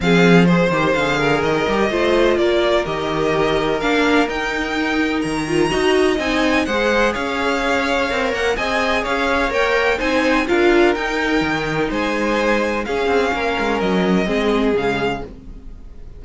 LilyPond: <<
  \new Staff \with { instrumentName = "violin" } { \time 4/4 \tempo 4 = 126 f''4 c''4 f''4 dis''4~ | dis''4 d''4 dis''2 | f''4 g''2 ais''4~ | ais''4 gis''4 fis''4 f''4~ |
f''4. fis''8 gis''4 f''4 | g''4 gis''4 f''4 g''4~ | g''4 gis''2 f''4~ | f''4 dis''2 f''4 | }
  \new Staff \with { instrumentName = "violin" } { \time 4/4 gis'4 c''4. ais'4. | c''4 ais'2.~ | ais'1 | dis''2 c''4 cis''4~ |
cis''2 dis''4 cis''4~ | cis''4 c''4 ais'2~ | ais'4 c''2 gis'4 | ais'2 gis'2 | }
  \new Staff \with { instrumentName = "viola" } { \time 4/4 c'4 gis'8 g'8 gis'4. g'8 | f'2 g'2 | d'4 dis'2~ dis'8 f'8 | fis'4 dis'4 gis'2~ |
gis'4 ais'4 gis'2 | ais'4 dis'4 f'4 dis'4~ | dis'2. cis'4~ | cis'2 c'4 gis4 | }
  \new Staff \with { instrumentName = "cello" } { \time 4/4 f4. dis8 d4 dis8 g8 | a4 ais4 dis2 | ais4 dis'2 dis4 | dis'4 c'4 gis4 cis'4~ |
cis'4 c'8 ais8 c'4 cis'4 | ais4 c'4 d'4 dis'4 | dis4 gis2 cis'8 c'8 | ais8 gis8 fis4 gis4 cis4 | }
>>